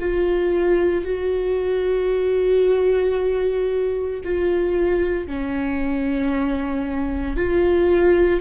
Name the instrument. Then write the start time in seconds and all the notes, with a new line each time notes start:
viola
0.00 F4
1.05 F#4
4.25 F4
5.27 C#4
7.37 F4